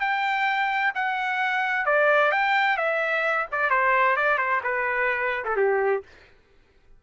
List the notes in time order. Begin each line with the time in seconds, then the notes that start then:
0.00 G5
0.95 F#5
1.86 D5
2.31 G5
2.77 E5
3.51 D5
3.70 C5
4.16 D5
4.38 C5
4.63 B4
5.45 A4
5.56 G4